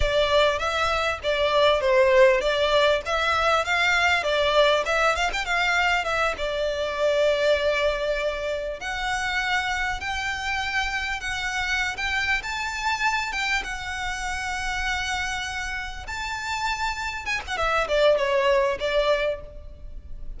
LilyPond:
\new Staff \with { instrumentName = "violin" } { \time 4/4 \tempo 4 = 99 d''4 e''4 d''4 c''4 | d''4 e''4 f''4 d''4 | e''8 f''16 g''16 f''4 e''8 d''4.~ | d''2~ d''8 fis''4.~ |
fis''8 g''2 fis''4~ fis''16 g''16~ | g''8 a''4. g''8 fis''4.~ | fis''2~ fis''8 a''4.~ | a''8 gis''16 fis''16 e''8 d''8 cis''4 d''4 | }